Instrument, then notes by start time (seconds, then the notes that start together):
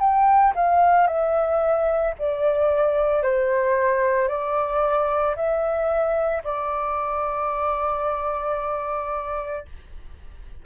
flute
0.00 G5
0.55 F5
1.07 E5
2.19 D5
3.23 C5
4.29 D5
5.36 E5
6.44 D5